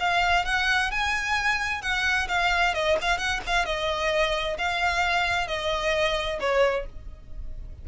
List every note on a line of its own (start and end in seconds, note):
0.00 0.46 F5
0.46 0.91 F#5
0.91 1.82 G#5
1.82 2.28 F#5
2.29 2.75 F5
2.75 2.98 D#5
3.02 3.18 F5
3.18 3.41 F#5
3.47 3.66 F5
3.66 4.58 D#5
4.58 5.48 F5
5.48 6.39 D#5
6.40 6.86 C#5